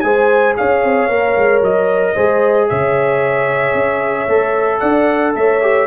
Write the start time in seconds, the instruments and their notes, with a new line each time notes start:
0.00 tuba G#3, trombone G#4, horn C5, trumpet G#5
0.56 tuba C#4, horn C#5, trumpet F5
0.83 tuba C4
1.08 tuba A#3, trombone A#4
1.37 tuba G#3
1.61 tuba F#3, trumpet D#5
2.14 tuba G#3, trombone G#4, horn C5
2.68 tuba C#3, horn C#5, trumpet E5
3.74 tuba C#4
4.28 tuba A3, trombone A4
4.79 tuba D4, horn D5, trumpet F#5
5.35 tuba A3, horn C#5, trumpet E5
5.61 trombone G4